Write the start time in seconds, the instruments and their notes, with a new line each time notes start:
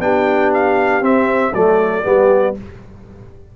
0.00 tuba B3, trombone D4, horn G4, trumpet G5
0.54 trumpet F5
1.02 tuba C4, trombone C4, trumpet E5
1.53 tuba F#3, trombone A3, horn A4, trumpet D5
2.03 tuba G3, trombone B3, horn G4